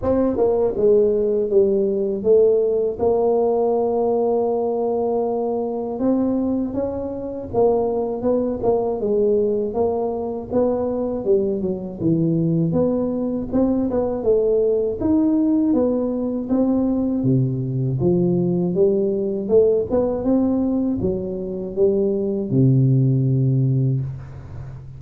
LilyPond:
\new Staff \with { instrumentName = "tuba" } { \time 4/4 \tempo 4 = 80 c'8 ais8 gis4 g4 a4 | ais1 | c'4 cis'4 ais4 b8 ais8 | gis4 ais4 b4 g8 fis8 |
e4 b4 c'8 b8 a4 | dis'4 b4 c'4 c4 | f4 g4 a8 b8 c'4 | fis4 g4 c2 | }